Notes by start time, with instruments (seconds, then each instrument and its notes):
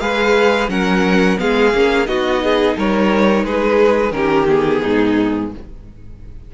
0.00 cello G#3, viola G#4, violin B4 F5
0.68 cello F#3, viola C#4, violin A#4 F#5
1.37 cello G#3, viola B3, violin G#4 F5
1.74 cello A#3, viola C#4
2.06 cello B3, viola D#4, violin F#4 D#5
2.43 violin G#4
2.77 cello G3, violin A#4 C#5
3.44 cello G#3, violin G#4 B4
4.11 cello D#3, viola C#4, violin G4 A#4
4.47 viola B3, violin G#4
4.82 cello G#2, violin D#4